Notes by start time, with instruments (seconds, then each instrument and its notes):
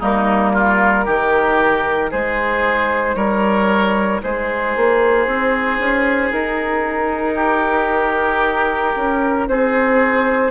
0.00 bassoon G3, clarinet A#3, oboe D#4, flute A#4
0.53 oboe F4
1.05 bassoon D#3, clarinet D#4, oboe G4
2.11 bassoon G#3, oboe G#4, flute C5
3.16 bassoon G3, oboe A#4, flute C#5
4.23 bassoon G#3, oboe G#4, flute C5
4.77 bassoon A#3
5.27 bassoon C4
5.79 bassoon C#4
6.32 bassoon D#4, flute A#4
7.36 oboe G4
8.96 bassoon C#4
9.49 bassoon C4, oboe G#4, flute C5